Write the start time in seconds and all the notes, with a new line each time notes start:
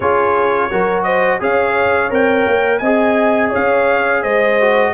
0.00 C#4 F4 G#4 C#5
0.70 F#3 F#4 A#4
1.03 C5 D#5
1.40 C#4 G#4 C#5 F5
2.10 C4 A#4 G5
2.46 A#3
2.78 C4 D#5 G#5
2.84 G#4
3.49 C#5 F5
3.55 C#4
4.21 G#3 C5 D#5
4.60 F#4